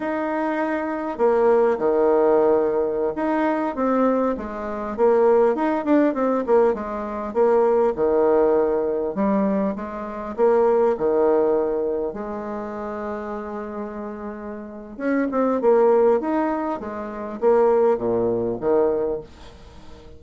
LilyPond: \new Staff \with { instrumentName = "bassoon" } { \time 4/4 \tempo 4 = 100 dis'2 ais4 dis4~ | dis4~ dis16 dis'4 c'4 gis8.~ | gis16 ais4 dis'8 d'8 c'8 ais8 gis8.~ | gis16 ais4 dis2 g8.~ |
g16 gis4 ais4 dis4.~ dis16~ | dis16 gis2.~ gis8.~ | gis4 cis'8 c'8 ais4 dis'4 | gis4 ais4 ais,4 dis4 | }